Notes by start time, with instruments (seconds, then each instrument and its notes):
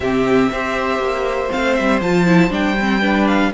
0.00 cello C3, viola C4, violin G4 E5
0.51 cello C4, viola G4, violin C5
0.98 cello A#3
1.50 cello A3, viola C4, violin F5
1.74 cello G3, violin E5
2.00 cello F3, viola F4, violin A5
2.26 viola E4
2.50 cello G3, viola D4, violin G5
2.79 viola C4
3.01 viola D4, violin B4
3.27 violin F5